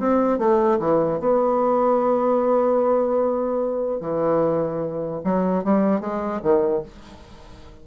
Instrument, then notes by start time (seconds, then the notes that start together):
bassoon
0.00 C4
0.39 A3
0.80 E3
1.20 B3
4.01 E3
5.25 F#3
5.64 G3
6.01 G#3
6.43 D#3